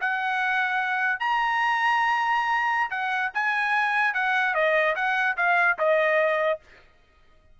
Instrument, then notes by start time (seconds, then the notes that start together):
trumpet
0.00 F#5
1.19 A#5
2.90 F#5
3.34 G#5
4.14 F#5
4.54 D#5
4.95 F#5
5.37 F5
5.78 D#5